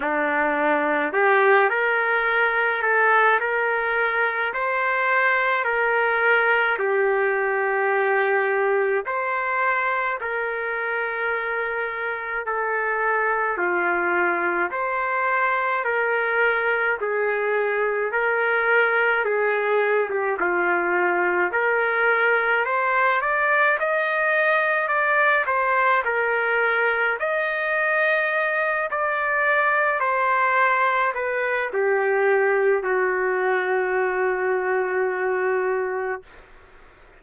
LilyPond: \new Staff \with { instrumentName = "trumpet" } { \time 4/4 \tempo 4 = 53 d'4 g'8 ais'4 a'8 ais'4 | c''4 ais'4 g'2 | c''4 ais'2 a'4 | f'4 c''4 ais'4 gis'4 |
ais'4 gis'8. g'16 f'4 ais'4 | c''8 d''8 dis''4 d''8 c''8 ais'4 | dis''4. d''4 c''4 b'8 | g'4 fis'2. | }